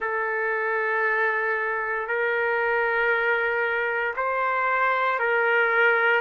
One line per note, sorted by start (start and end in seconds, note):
0.00 2.07 A4
2.07 4.14 A#4
4.16 5.19 C5
5.19 6.21 A#4